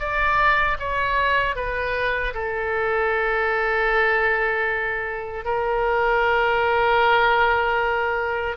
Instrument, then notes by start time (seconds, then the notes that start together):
oboe
0.00 D5
0.80 C#5
1.56 B4
2.34 A4
5.45 A#4